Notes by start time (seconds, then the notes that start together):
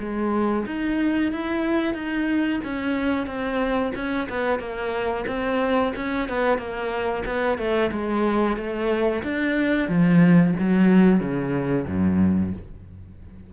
0.00 G#3
0.66 D#4
1.32 E4
1.94 D#4
2.64 C#4
3.27 C4
3.95 C#4
4.29 B3
4.59 A#3
5.27 C4
5.96 C#4
6.29 B3
6.58 A#3
7.26 B3
7.58 A3
7.92 G#3
8.57 A3
9.23 D4
9.89 F3
10.59 F#3
11.20 C#3
11.87 F#2